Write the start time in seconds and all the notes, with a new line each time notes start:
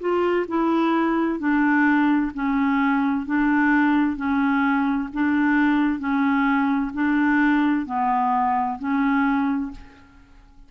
0.00 F4
0.48 E4
1.40 D4
2.35 C#4
3.26 D4
4.17 C#4
5.14 D4
5.99 C#4
6.94 D4
7.86 B3
8.79 C#4